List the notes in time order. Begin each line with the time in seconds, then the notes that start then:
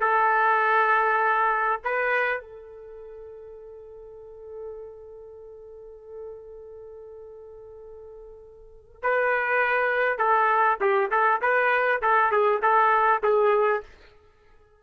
0.00 A4
1.84 B4
2.41 A4
9.03 B4
10.18 A4
10.81 G4
11.11 A4
11.41 B4
12.02 A4
12.31 G#4
12.62 A4
13.23 G#4